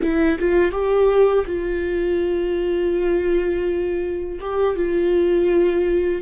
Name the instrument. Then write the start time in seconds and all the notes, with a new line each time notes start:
viola
0.02 E4
0.39 F4
0.72 G4
1.46 F4
4.40 G4
4.76 F4